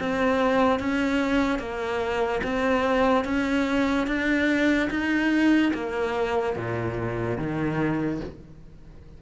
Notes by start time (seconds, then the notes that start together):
0.00 C4
0.80 C#4
1.59 A#3
2.44 C4
3.25 C#4
4.07 D4
4.90 D#4
5.74 A#3
6.56 A#2
7.38 D#3